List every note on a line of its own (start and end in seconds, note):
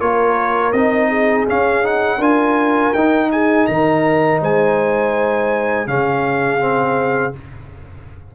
0.00 0.73 A#3
0.00 0.74 F4
0.00 1.09 A#4
0.00 0.73 C#5
0.73 1.47 C4
0.73 1.48 D#4
0.73 1.46 D#5
1.09 2.19 G#4
1.48 1.83 C#4
1.48 2.19 C#4
1.48 1.87 F5
1.83 2.20 D#4
1.83 2.23 F#5
2.19 2.92 D4
2.19 2.94 F4
2.19 3.29 A#4
2.19 2.94 G#5
2.94 3.68 D#4
2.94 5.88 D#4
2.94 3.31 G5
3.32 3.69 G#4
3.32 3.67 G#5
3.67 4.42 D#3
3.67 4.41 A#4
3.67 4.40 A#5
4.41 5.87 G#3
4.41 5.88 C5
4.41 5.88 G#5
5.87 7.34 C#3
5.87 6.61 C#4
5.87 7.36 G#4
5.87 7.34 F5
6.61 7.34 C4